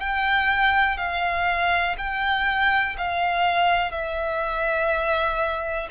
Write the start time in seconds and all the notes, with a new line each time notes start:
0.00 G5
0.97 F5
1.98 G5
2.98 F5
3.92 E5